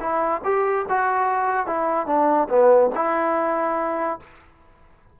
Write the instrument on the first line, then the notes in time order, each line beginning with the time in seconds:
trombone
0.00 E4
0.44 G4
0.89 F#4
1.66 E4
2.07 D4
2.49 B3
2.95 E4